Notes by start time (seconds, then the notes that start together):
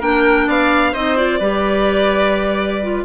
0.00 A#3 D4 A#4 G5
0.47 B3 D5 F5
0.93 C4 D#4 C5 D#5
1.17 F4 D5
1.39 G3 G4 B4
2.83 F4